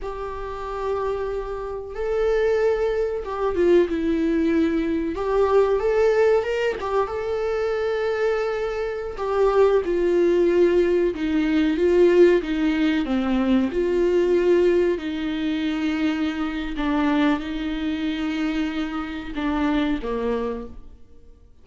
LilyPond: \new Staff \with { instrumentName = "viola" } { \time 4/4 \tempo 4 = 93 g'2. a'4~ | a'4 g'8 f'8 e'2 | g'4 a'4 ais'8 g'8 a'4~ | a'2~ a'16 g'4 f'8.~ |
f'4~ f'16 dis'4 f'4 dis'8.~ | dis'16 c'4 f'2 dis'8.~ | dis'2 d'4 dis'4~ | dis'2 d'4 ais4 | }